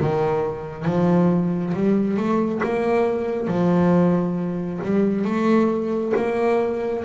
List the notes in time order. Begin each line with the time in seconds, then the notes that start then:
0.00 D#3
0.85 F3
1.74 G3
2.17 A3
2.64 A#3
3.48 F3
4.84 G3
5.25 A3
6.16 A#3